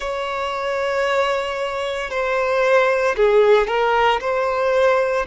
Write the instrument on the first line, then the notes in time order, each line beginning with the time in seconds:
violin
0.00 C#5
2.10 C5
3.16 G#4
3.67 A#4
4.20 C5